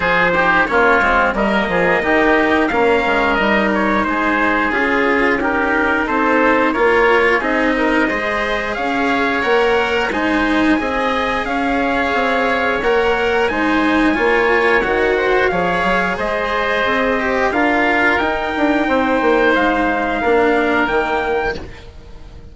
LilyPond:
<<
  \new Staff \with { instrumentName = "trumpet" } { \time 4/4 \tempo 4 = 89 c''4 cis''4 dis''2 | f''4 dis''8 cis''8 c''4 gis'4 | ais'4 c''4 cis''4 dis''4~ | dis''4 f''4 fis''4 gis''4~ |
gis''4 f''2 fis''4 | gis''2 fis''4 f''4 | dis''2 f''4 g''4~ | g''4 f''2 g''4 | }
  \new Staff \with { instrumentName = "oboe" } { \time 4/4 gis'8 g'8 f'4 ais'8 gis'8 g'4 | ais'2 gis'2 | g'4 a'4 ais'4 gis'8 ais'8 | c''4 cis''2 c''4 |
dis''4 cis''2. | c''4 cis''4. c''8 cis''4 | c''2 ais'2 | c''2 ais'2 | }
  \new Staff \with { instrumentName = "cello" } { \time 4/4 f'8 dis'8 cis'8 c'8 ais4 dis'4 | cis'4 dis'2 f'4 | dis'2 f'4 dis'4 | gis'2 ais'4 dis'4 |
gis'2. ais'4 | dis'4 f'4 fis'4 gis'4~ | gis'4. g'8 f'4 dis'4~ | dis'2 d'4 ais4 | }
  \new Staff \with { instrumentName = "bassoon" } { \time 4/4 f4 ais8 gis8 g8 f8 dis4 | ais8 gis8 g4 gis4 cis'4~ | cis'4 c'4 ais4 c'4 | gis4 cis'4 ais4 gis4 |
c'4 cis'4 c'4 ais4 | gis4 ais4 dis4 f8 fis8 | gis4 c'4 d'4 dis'8 d'8 | c'8 ais8 gis4 ais4 dis4 | }
>>